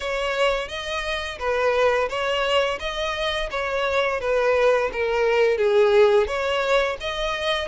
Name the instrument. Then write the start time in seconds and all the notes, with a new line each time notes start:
violin
0.00 C#5
0.68 D#5
1.39 B4
2.09 C#5
2.79 D#5
3.50 C#5
4.20 B4
4.92 A#4
5.57 G#4
6.27 C#5
7.00 D#5